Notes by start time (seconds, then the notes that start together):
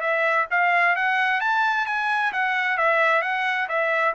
0.00 E5
0.50 F5
0.95 F#5
1.40 A5
1.86 G#5
2.33 F#5
2.77 E5
3.22 F#5
3.68 E5